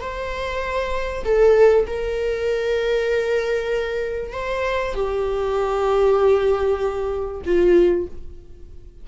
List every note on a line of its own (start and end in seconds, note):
0.00 1.24 C5
1.24 1.86 A4
1.87 4.32 A#4
4.32 4.94 C5
4.94 7.41 G4
7.45 8.07 F4